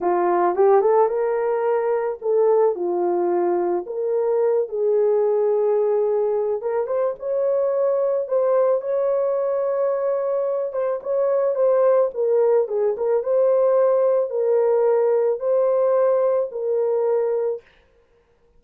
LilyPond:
\new Staff \with { instrumentName = "horn" } { \time 4/4 \tempo 4 = 109 f'4 g'8 a'8 ais'2 | a'4 f'2 ais'4~ | ais'8 gis'2.~ gis'8 | ais'8 c''8 cis''2 c''4 |
cis''2.~ cis''8 c''8 | cis''4 c''4 ais'4 gis'8 ais'8 | c''2 ais'2 | c''2 ais'2 | }